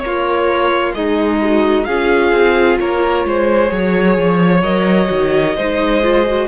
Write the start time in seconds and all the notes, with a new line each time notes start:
0.00 A#3 A#4 C#5
0.07 F4
0.95 G#3 D#4 G#4 D#5
1.42 F#4
1.85 C#4 F4 G#4 F5
2.32 C4
2.80 A#3 A#4 C#5
3.25 G#3 C5
3.68 F#3 G#4 C#5
4.18 F3
4.63 F#3 A#4 D#5
5.07 D#3 F#4
5.57 G#3 D#4 C5
6.03 F4
6.27 F#4